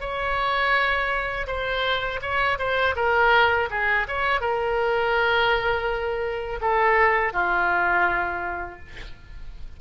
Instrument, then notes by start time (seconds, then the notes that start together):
oboe
0.00 C#5
1.47 C5
2.22 C#5
2.58 C5
2.95 A#4
3.70 G#4
4.08 C#5
4.40 A#4
6.61 A4
7.33 F4